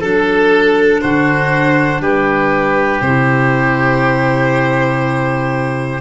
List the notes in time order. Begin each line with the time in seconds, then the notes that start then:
0.00 F#3 D4 A4
1.01 D3 F#4 C5
2.00 G3 G4 B4
3.01 C3 E4 C5